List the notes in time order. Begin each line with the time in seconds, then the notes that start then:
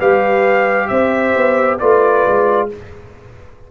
0.00 G3 G4 B4 F5
0.88 C4 C5 E5
1.36 B3
1.80 A3 F4 B4 D5
2.27 G#3